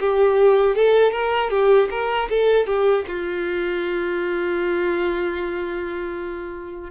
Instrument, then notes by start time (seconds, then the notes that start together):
violin
0.00 G4
0.76 A4
1.12 A#4
1.50 G4
1.90 A#4
2.29 A4
2.66 G4
3.07 F4